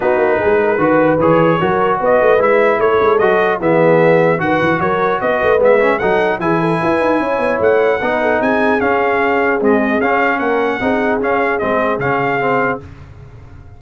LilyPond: <<
  \new Staff \with { instrumentName = "trumpet" } { \time 4/4 \tempo 4 = 150 b'2. cis''4~ | cis''4 dis''4 e''4 cis''4 | dis''4 e''2 fis''4 | cis''4 dis''4 e''4 fis''4 |
gis''2. fis''4~ | fis''4 gis''4 f''2 | dis''4 f''4 fis''2 | f''4 dis''4 f''2 | }
  \new Staff \with { instrumentName = "horn" } { \time 4/4 fis'4 gis'8 ais'8 b'2 | ais'4 b'2 a'4~ | a'4 gis'2 b'4 | ais'4 b'2 a'4 |
gis'8 a'8 b'4 cis''2 | b'8 a'8 gis'2.~ | gis'2 ais'4 gis'4~ | gis'1 | }
  \new Staff \with { instrumentName = "trombone" } { \time 4/4 dis'2 fis'4 gis'4 | fis'2 e'2 | fis'4 b2 fis'4~ | fis'2 b8 cis'8 dis'4 |
e'1 | dis'2 cis'2 | gis4 cis'2 dis'4 | cis'4 c'4 cis'4 c'4 | }
  \new Staff \with { instrumentName = "tuba" } { \time 4/4 b8 ais8 gis4 dis4 e4 | fis4 b8 a8 gis4 a8 gis8 | fis4 e2 dis8 e8 | fis4 b8 a8 gis4 fis4 |
e4 e'8 dis'8 cis'8 b8 a4 | b4 c'4 cis'2 | c'4 cis'4 ais4 c'4 | cis'4 gis4 cis2 | }
>>